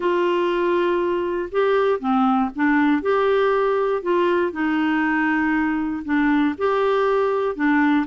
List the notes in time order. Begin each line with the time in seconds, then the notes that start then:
0.00 F4
1.51 G4
1.99 C4
2.55 D4
3.01 G4
4.02 F4
4.51 D#4
6.05 D4
6.58 G4
7.55 D4